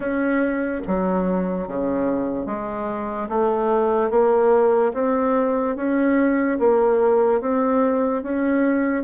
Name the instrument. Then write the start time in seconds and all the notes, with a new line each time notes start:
bassoon
0.00 C#4
0.87 F#3
1.67 C#3
2.46 G#3
3.28 A3
4.10 A#3
4.93 C4
5.76 C#4
6.59 A#3
7.40 C4
8.22 C#4